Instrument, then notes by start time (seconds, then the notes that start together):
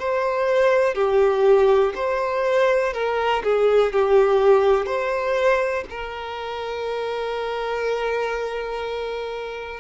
violin
0.00 C5
0.95 G4
1.95 C5
2.94 A#4
3.44 G#4
3.93 G4
4.86 C5
5.90 A#4